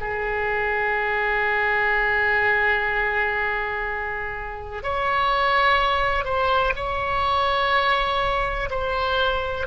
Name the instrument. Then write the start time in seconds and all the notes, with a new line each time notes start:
oboe
0.00 G#4
4.83 C#5
6.24 C5
6.76 C#5
8.70 C5